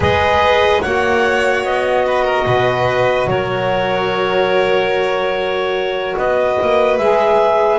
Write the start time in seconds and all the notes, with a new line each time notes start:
0.00 G#3 G#4 B4 D#5
0.81 A#3 F#4 C#5 F#5
1.63 B3 D#5
2.05 B4
2.24 A#4
2.46 B2 B4
3.27 F#3 A#4 C#5
6.17 B3 B4 D#5
6.61 A#3
6.97 G#3 G#4 E5